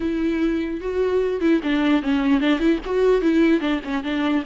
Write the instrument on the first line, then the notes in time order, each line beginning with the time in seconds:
viola
0.00 E4
0.81 F#4
1.40 E4
1.63 D4
2.02 C#4
2.40 D4
2.59 E4
2.85 F#4
3.21 E4
3.60 D4
3.84 C#4
4.03 D4